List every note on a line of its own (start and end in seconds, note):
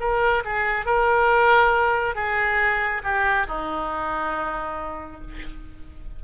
0.00 0.43 A#4
0.45 0.86 G#4
0.86 2.15 A#4
2.15 3.02 G#4
3.04 3.47 G4
3.47 5.21 D#4